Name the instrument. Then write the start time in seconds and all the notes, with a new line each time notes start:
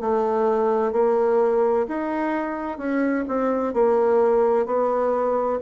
bassoon
0.00 A3
0.92 A#3
1.87 D#4
2.78 C#4
3.28 C4
3.73 A#3
4.65 B3